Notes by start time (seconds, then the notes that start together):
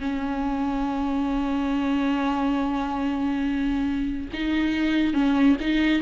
0.00 C#4
4.34 D#4
5.14 C#4
5.61 D#4